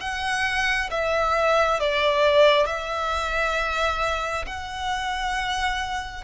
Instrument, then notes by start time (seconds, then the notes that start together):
violin
0.00 F#5
0.90 E5
1.80 D5
2.66 E5
4.46 F#5